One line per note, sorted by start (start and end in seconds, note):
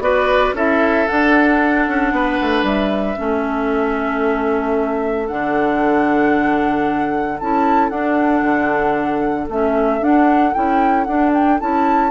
0.00 0.53 B3
0.00 0.54 F#4
0.00 0.55 B4
0.00 0.55 D5
0.54 1.06 C#4
0.54 1.08 E4
0.54 2.13 A4
0.54 1.08 E5
1.08 3.17 D4
1.08 1.87 D4
1.08 2.66 F#5
1.87 2.12 C#4
2.12 2.39 B3
2.12 3.19 B4
2.41 2.63 A3
2.63 3.16 G3
2.63 5.28 E5
3.17 5.31 A3
3.17 5.27 C#4
3.17 12.12 A4
5.28 7.41 D3
5.28 7.39 D4
5.28 7.38 F#5
7.40 7.91 C#4
7.40 7.91 E4
7.40 7.89 A5
7.89 8.42 D4
7.89 9.49 D4
7.89 9.47 F#5
8.42 9.47 D3
9.49 10.01 A3
9.49 10.01 C#4
9.49 10.04 E5
10.01 10.54 D4
10.01 10.54 F#5
10.54 11.08 C#4
10.54 11.07 E4
10.54 11.04 G5
11.04 11.60 D4
11.04 11.61 D4
11.04 11.31 F#5
11.34 11.60 G5
11.60 12.12 C#4
11.60 12.12 E4
11.60 12.12 A5